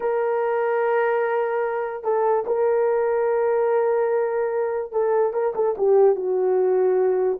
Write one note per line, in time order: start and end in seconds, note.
0.00 2.03 A#4
2.03 2.45 A4
2.46 4.91 A#4
4.91 5.33 A4
5.33 5.53 A#4
5.55 5.75 A4
5.77 6.15 G4
6.15 7.38 F#4